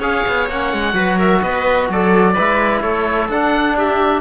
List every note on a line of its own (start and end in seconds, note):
0.00 0.23 C#4
0.00 0.49 G#4
0.00 0.95 C#5
0.00 0.50 F5
0.28 0.50 B3
0.50 0.73 A#3
0.50 0.94 C#4
0.50 1.20 F#5
0.73 0.94 G#3
0.94 1.41 F#3
0.94 2.34 F#4
0.94 1.19 B4
1.19 1.42 A#4
1.19 1.42 E5
1.42 1.89 B3
1.42 1.91 B4
1.42 1.89 D#5
1.89 2.36 F#3
1.89 2.34 A4
1.89 2.82 D5
2.34 2.82 G#3
2.34 3.31 E4
2.34 2.81 B4
2.82 3.29 A3
2.82 3.76 A4
2.82 3.28 C#5
3.29 4.22 D4
3.29 3.78 F#5
3.77 4.22 G4
3.77 4.22 E5